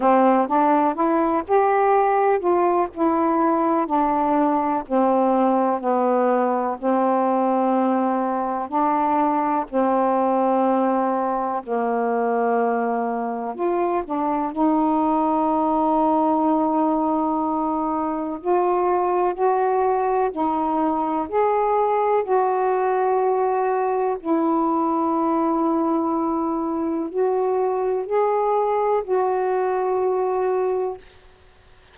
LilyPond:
\new Staff \with { instrumentName = "saxophone" } { \time 4/4 \tempo 4 = 62 c'8 d'8 e'8 g'4 f'8 e'4 | d'4 c'4 b4 c'4~ | c'4 d'4 c'2 | ais2 f'8 d'8 dis'4~ |
dis'2. f'4 | fis'4 dis'4 gis'4 fis'4~ | fis'4 e'2. | fis'4 gis'4 fis'2 | }